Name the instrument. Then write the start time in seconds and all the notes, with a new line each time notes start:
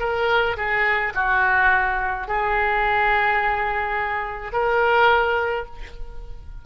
oboe
0.00 A#4
0.57 G#4
1.15 F#4
2.28 G#4
4.53 A#4